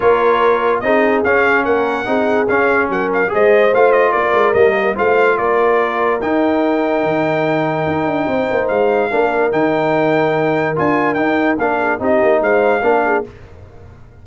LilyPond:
<<
  \new Staff \with { instrumentName = "trumpet" } { \time 4/4 \tempo 4 = 145 cis''2 dis''4 f''4 | fis''2 f''4 fis''8 f''8 | dis''4 f''8 dis''8 d''4 dis''4 | f''4 d''2 g''4~ |
g''1~ | g''4 f''2 g''4~ | g''2 gis''4 g''4 | f''4 dis''4 f''2 | }
  \new Staff \with { instrumentName = "horn" } { \time 4/4 ais'2 gis'2 | ais'4 gis'2 ais'4 | c''2 ais'2 | c''4 ais'2.~ |
ais'1 | c''2 ais'2~ | ais'1~ | ais'8 gis'8 g'4 c''4 ais'8 gis'8 | }
  \new Staff \with { instrumentName = "trombone" } { \time 4/4 f'2 dis'4 cis'4~ | cis'4 dis'4 cis'2 | gis'4 f'2 ais4 | f'2. dis'4~ |
dis'1~ | dis'2 d'4 dis'4~ | dis'2 f'4 dis'4 | d'4 dis'2 d'4 | }
  \new Staff \with { instrumentName = "tuba" } { \time 4/4 ais2 c'4 cis'4 | ais4 c'4 cis'4 fis4 | gis4 a4 ais8 gis8 g4 | a4 ais2 dis'4~ |
dis'4 dis2 dis'8 d'8 | c'8 ais8 gis4 ais4 dis4~ | dis2 d'4 dis'4 | ais4 c'8 ais8 gis4 ais4 | }
>>